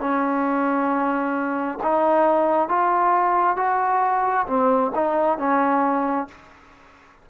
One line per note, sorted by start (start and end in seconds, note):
0.00 1.79 C#4
1.83 2.69 D#4
2.69 3.57 F4
3.57 4.46 F#4
4.47 4.92 C4
4.95 5.38 D#4
5.38 6.28 C#4